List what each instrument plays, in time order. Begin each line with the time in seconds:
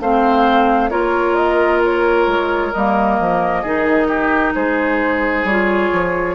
0.00 bassoon A3, clarinet C4, oboe C5, flute F5
0.90 bassoon A#3, clarinet F4, oboe A#4, flute C#5
1.35 flute D#5
1.85 flute C#5
2.27 bassoon G#3
2.73 bassoon G3, clarinet A#3, flute D#5
3.20 bassoon F3
3.62 bassoon D#3, clarinet D#4, oboe G#4
4.08 oboe G4
4.55 bassoon G#3, oboe G#4, flute C5
5.44 bassoon G3, clarinet F4, flute C#5
5.93 bassoon F3